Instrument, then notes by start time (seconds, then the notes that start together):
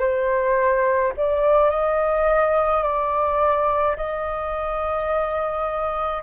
flute
0.00 C5
1.17 D5
1.70 D#5
2.84 D5
3.97 D#5